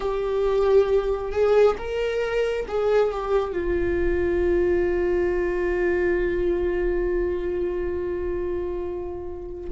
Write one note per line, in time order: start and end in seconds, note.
0.00 1.32 G4
1.32 1.76 G#4
1.78 2.66 A#4
2.68 3.11 G#4
3.11 3.52 G4
3.52 9.70 F4